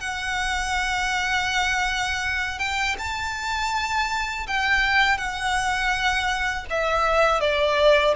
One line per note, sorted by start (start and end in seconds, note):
0.00 2.59 F#5
2.59 2.96 G5
2.99 4.47 A5
4.47 5.18 G5
5.18 6.66 F#5
6.70 7.40 E5
7.40 8.14 D5